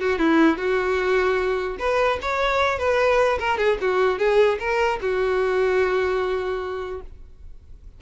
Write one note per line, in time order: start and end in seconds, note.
0.00 0.19 F#4
0.19 0.58 E4
0.58 1.78 F#4
1.79 2.19 B4
2.22 2.79 C#5
2.79 3.39 B4
3.40 3.58 A#4
3.58 3.78 G#4
3.81 4.19 F#4
4.19 4.59 G#4
4.60 5.00 A#4
5.02 7.02 F#4